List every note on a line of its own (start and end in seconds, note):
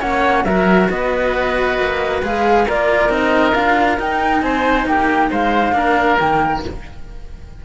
0.00 0.45 A#3
0.00 0.45 C#4
0.00 0.44 C#5
0.00 0.45 F#5
0.45 0.89 F#3
0.45 2.23 F#4
0.45 0.90 A#4
0.45 0.89 E5
0.90 1.78 B3
0.90 2.67 B4
0.90 2.22 D#5
1.78 2.22 A#3
2.23 2.67 G#3
2.23 2.67 G#4
2.23 2.69 F5
2.67 3.10 A#3
2.67 3.09 F4
2.67 4.43 A#4
2.67 3.11 D5
3.09 3.54 C4
3.09 3.53 D#4
3.09 3.54 D#5
3.54 3.99 D4
3.54 3.98 F4
3.54 3.99 F5
3.98 5.73 D#4
3.98 4.42 D#4
3.98 4.42 G5
4.42 4.86 C4
4.42 4.89 C5
4.42 4.86 G#5
4.86 5.30 A#3
4.86 5.31 G4
4.86 5.32 G5
5.31 5.72 G#3
5.31 5.75 C5
5.31 6.19 F5
5.72 6.16 A#3
5.72 6.17 D4
5.72 6.65 A#4
6.19 6.64 D#3
6.19 6.65 A#3
6.19 6.63 G5